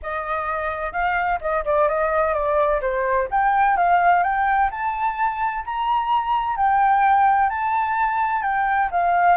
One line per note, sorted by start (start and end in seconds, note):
0.02 0.92 D#5
0.92 1.39 F5
1.41 1.64 D#5
1.64 1.88 D5
1.88 2.33 D#5
2.33 2.80 D5
2.81 3.28 C5
3.30 3.76 G5
3.76 4.23 F5
4.23 4.70 G5
4.70 5.64 A5
5.65 6.56 A#5
6.56 7.49 G5
7.49 8.42 A5
8.42 8.89 G5
8.91 9.37 F5